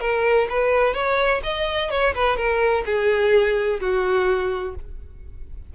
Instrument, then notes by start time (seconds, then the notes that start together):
violin
0.00 A#4
0.49 B4
0.94 C#5
1.43 D#5
1.90 C#5
2.14 B4
2.37 A#4
2.85 G#4
3.80 F#4